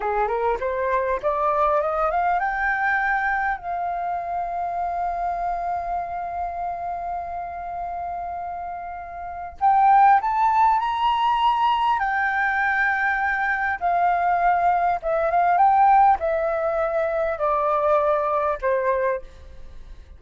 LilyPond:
\new Staff \with { instrumentName = "flute" } { \time 4/4 \tempo 4 = 100 gis'8 ais'8 c''4 d''4 dis''8 f''8 | g''2 f''2~ | f''1~ | f''1 |
g''4 a''4 ais''2 | g''2. f''4~ | f''4 e''8 f''8 g''4 e''4~ | e''4 d''2 c''4 | }